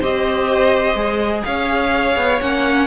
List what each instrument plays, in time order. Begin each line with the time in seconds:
0.00 cello C4, viola G4, violin C5 D#5
0.95 cello G#3, viola G#4
1.45 cello C#4, violin C#5 F5
2.16 cello B3
2.41 cello A#3, viola C#4, violin F#5